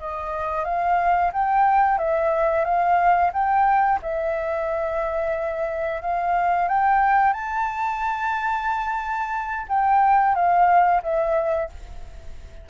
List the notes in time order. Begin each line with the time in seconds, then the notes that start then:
0.00 D#5
0.65 F5
1.33 G5
1.98 E5
2.65 F5
3.33 G5
4.02 E5
6.02 F5
6.69 G5
7.33 A5
9.69 G5
10.35 F5
11.03 E5